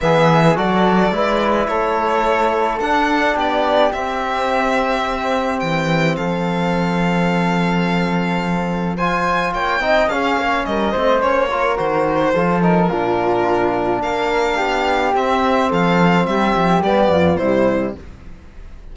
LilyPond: <<
  \new Staff \with { instrumentName = "violin" } { \time 4/4 \tempo 4 = 107 e''4 d''2 cis''4~ | cis''4 fis''4 d''4 e''4~ | e''2 g''4 f''4~ | f''1 |
gis''4 g''4 f''4 dis''4 | cis''4 c''4. ais'4.~ | ais'4 f''2 e''4 | f''4 e''4 d''4 c''4 | }
  \new Staff \with { instrumentName = "flute" } { \time 4/4 gis'4 a'4 b'4 a'4~ | a'2 g'2~ | g'2. a'4~ | a'1 |
c''4 cis''8 dis''8 gis'8 cis''8 ais'8 c''8~ | c''8 ais'4. a'4 f'4~ | f'4 ais'4 g'2 | a'4 g'4. f'8 e'4 | }
  \new Staff \with { instrumentName = "trombone" } { \time 4/4 b4 fis'4 e'2~ | e'4 d'2 c'4~ | c'1~ | c'1 |
f'4. dis'8 cis'4. c'8 | cis'8 f'8 fis'4 f'8 dis'8 d'4~ | d'2. c'4~ | c'2 b4 g4 | }
  \new Staff \with { instrumentName = "cello" } { \time 4/4 e4 fis4 gis4 a4~ | a4 d'4 b4 c'4~ | c'2 e4 f4~ | f1~ |
f4 ais8 c'8 cis'8 ais8 g8 a8 | ais4 dis4 f4 ais,4~ | ais,4 ais4 b4 c'4 | f4 g8 f8 g8 f,8 c4 | }
>>